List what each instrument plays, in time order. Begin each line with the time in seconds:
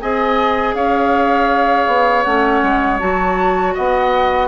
0.00 bassoon C4, clarinet G#4, oboe D#5, flute G#5
0.74 bassoon C#4, oboe C#5, flute F5
1.87 bassoon B3
2.23 bassoon A3, clarinet C#4, flute F#5
2.62 bassoon G#3
2.99 bassoon F#3, clarinet F#4, flute A5
3.75 bassoon B3, oboe D#5, flute F#5